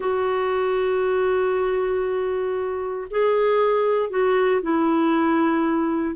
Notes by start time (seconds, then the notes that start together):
0.00 F#4
3.10 G#4
4.10 F#4
4.62 E4